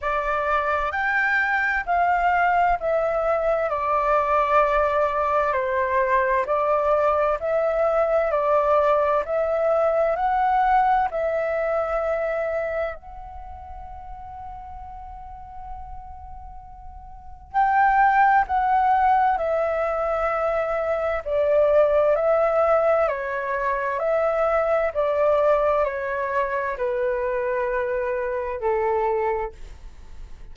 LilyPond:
\new Staff \with { instrumentName = "flute" } { \time 4/4 \tempo 4 = 65 d''4 g''4 f''4 e''4 | d''2 c''4 d''4 | e''4 d''4 e''4 fis''4 | e''2 fis''2~ |
fis''2. g''4 | fis''4 e''2 d''4 | e''4 cis''4 e''4 d''4 | cis''4 b'2 a'4 | }